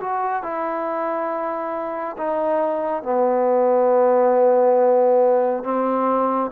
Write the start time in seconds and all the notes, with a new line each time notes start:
0.00 F#4
0.43 E4
2.17 D#4
3.03 B3
5.64 C4